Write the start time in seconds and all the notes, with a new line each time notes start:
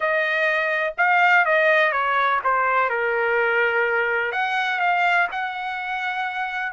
0.00 D#5
0.97 F5
1.45 D#5
1.92 C#5
2.44 C5
2.89 A#4
4.32 F#5
4.79 F5
5.31 F#5